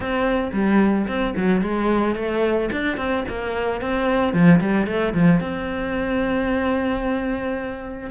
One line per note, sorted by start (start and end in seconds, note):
0.00 0.51 C4
0.53 1.07 G3
1.07 1.34 C4
1.36 1.61 F#3
1.61 2.15 G#3
2.15 2.69 A3
2.71 2.97 D4
2.97 3.24 C4
3.28 3.81 A#3
3.81 4.33 C4
4.33 4.60 F3
4.60 4.86 G3
4.86 5.13 A3
5.14 5.40 F3
5.40 8.10 C4